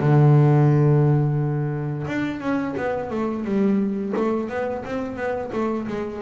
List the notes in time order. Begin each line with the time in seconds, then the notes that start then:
0.00 D3
2.07 D4
2.40 C#4
2.77 B3
3.10 A3
3.45 G3
4.16 A3
4.49 B3
4.85 C4
5.16 B3
5.53 A3
5.87 G#3